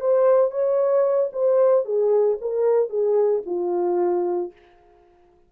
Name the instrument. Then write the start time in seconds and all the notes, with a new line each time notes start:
horn
0.00 C5
0.50 C#5
1.32 C5
1.84 G#4
2.41 A#4
2.89 G#4
3.46 F4